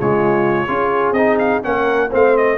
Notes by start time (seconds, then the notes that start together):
0.00 C#3 G#3 F4 C#5
0.68 C#4 F4 G#4
1.12 C4 D#4 D#5
1.39 F5
1.63 A#3 C#4 A#4 F#5
2.11 A3 C4 C5 F5
2.37 D#5